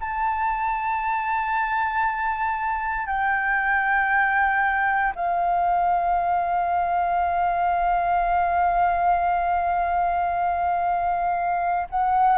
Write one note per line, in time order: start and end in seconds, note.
0.00 3.07 A5
3.07 5.13 G5
5.15 11.88 F5
11.90 12.38 F#5